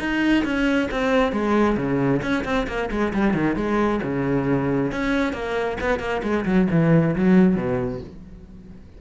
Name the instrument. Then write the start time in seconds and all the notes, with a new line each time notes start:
cello
0.00 D#4
0.45 C#4
0.91 C4
1.33 G#3
1.77 C#3
2.23 C#4
2.45 C4
2.68 A#3
2.91 G#3
3.14 G3
3.34 D#3
3.56 G#3
4.04 C#3
4.92 C#4
5.33 A#3
5.81 B3
6.00 A#3
6.23 G#3
6.46 F#3
6.71 E3
7.16 F#3
7.56 B2